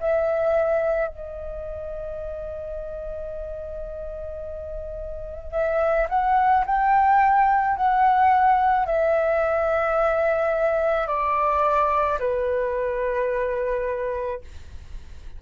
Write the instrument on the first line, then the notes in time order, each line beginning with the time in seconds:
flute
0.00 E5
1.08 D#5
5.52 E5
6.09 F#5
6.66 G5
7.76 F#5
8.86 E5
11.07 D5
12.19 B4